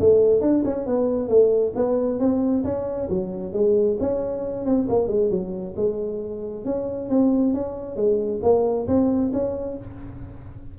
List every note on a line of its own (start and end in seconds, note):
0.00 0.41 A3
0.41 0.63 D4
0.65 0.86 C#4
0.86 1.29 B3
1.29 1.73 A3
1.76 2.20 B3
2.20 2.64 C4
2.64 3.09 C#4
3.09 3.53 F#3
3.53 3.98 G#3
4.00 4.65 C#4
4.65 4.88 C4
4.89 5.08 A#3
5.08 5.30 G#3
5.30 5.75 F#3
5.76 6.65 G#3
6.65 7.10 C#4
7.10 7.54 C4
7.54 7.96 C#4
7.96 8.41 G#3
8.43 8.87 A#3
8.87 9.32 C4
9.33 9.77 C#4